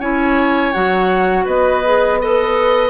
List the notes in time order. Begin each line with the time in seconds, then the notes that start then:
0.00 C#4 E4 C#5 G#5
0.73 F#3 F#4 F#5
1.45 B3 B4 D#5
1.85 G#4
2.21 A4 B4 D#5